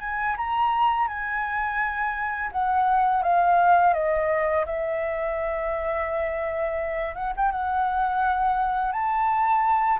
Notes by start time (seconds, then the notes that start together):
0.00 G#5
0.37 A#5
1.08 G#5
2.52 F#5
3.23 F5
3.94 D#5
4.66 E5
7.15 F#5
7.37 G5
7.52 F#5
8.92 A5